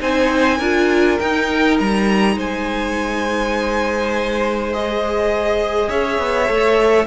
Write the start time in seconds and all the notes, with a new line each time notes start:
0.00 C4 D#4 C5 G#5
0.58 D4 F4 A#4
1.19 D#4 G5
1.79 G3 A#5
2.35 G#3 C5 G#5
4.73 G#4 D#5
5.89 C#4 C#5 E5
6.19 B3
6.47 A3 A4